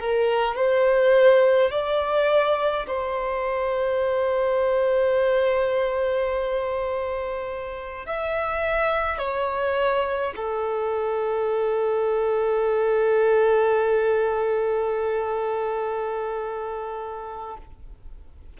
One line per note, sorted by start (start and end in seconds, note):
0.00 0.56 A#4
0.56 1.72 C5
1.72 2.87 D5
2.87 8.07 C5
8.07 9.19 E5
9.19 10.34 C#5
10.36 17.58 A4